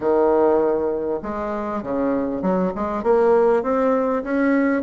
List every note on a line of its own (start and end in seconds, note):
0.00 1.20 D#3
1.22 1.83 G#3
1.83 2.42 C#3
2.42 2.72 F#3
2.75 3.03 G#3
3.03 3.62 A#3
3.62 4.23 C4
4.23 4.82 C#4